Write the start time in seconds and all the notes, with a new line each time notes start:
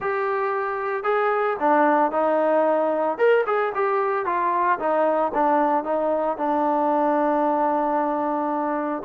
0.00 G4
1.03 G#4
1.59 D4
2.11 D#4
3.17 A#4
3.46 G#4
3.74 G4
4.25 F4
4.79 D#4
5.34 D4
5.84 D#4
6.37 D4